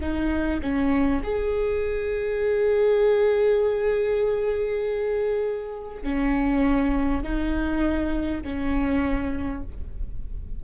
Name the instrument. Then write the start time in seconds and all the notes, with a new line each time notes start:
viola
0.00 D#4
0.62 C#4
1.23 G#4
6.03 C#4
7.23 D#4
8.43 C#4